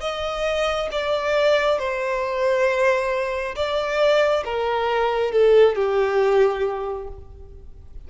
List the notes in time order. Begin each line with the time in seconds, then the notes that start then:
0.00 D#5
0.91 D5
1.78 C5
3.55 D5
4.44 A#4
5.31 A4
5.75 G4